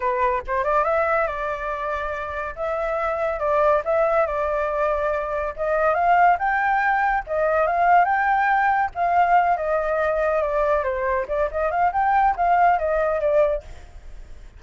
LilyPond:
\new Staff \with { instrumentName = "flute" } { \time 4/4 \tempo 4 = 141 b'4 c''8 d''8 e''4 d''4~ | d''2 e''2 | d''4 e''4 d''2~ | d''4 dis''4 f''4 g''4~ |
g''4 dis''4 f''4 g''4~ | g''4 f''4. dis''4.~ | dis''8 d''4 c''4 d''8 dis''8 f''8 | g''4 f''4 dis''4 d''4 | }